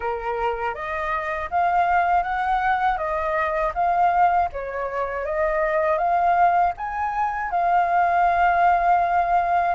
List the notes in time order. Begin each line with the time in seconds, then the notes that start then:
0.00 A#4
0.74 D#5
1.50 F5
2.22 F#5
2.97 D#5
3.74 F5
4.52 C#5
5.25 D#5
5.98 F5
6.77 G#5
7.50 F5